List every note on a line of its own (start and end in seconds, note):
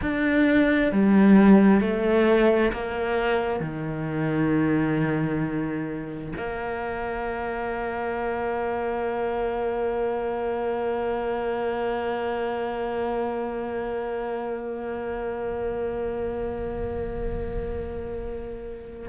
0.01 0.91 D4
0.91 1.81 G3
1.81 2.71 A3
2.72 3.60 A#3
3.60 6.32 D#3
6.37 19.09 A#3